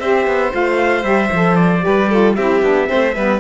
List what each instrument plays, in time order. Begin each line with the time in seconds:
0.00 cello C4, saxophone G4, violin C5, trumpet E5
0.27 cello B3
0.51 cello A3, saxophone F4, trumpet F5
1.03 cello G3, saxophone G4, trumpet E5
1.32 cello F3, saxophone A4
1.56 trumpet D5
1.80 saxophone G4, violin B4
1.87 cello G3
2.10 saxophone F4, violin A4
2.36 cello C4, saxophone E4, violin G4, trumpet E5
2.62 cello B3, saxophone D4
2.87 cello A3, saxophone C4, violin C5
3.15 cello G3, saxophone B3, violin B4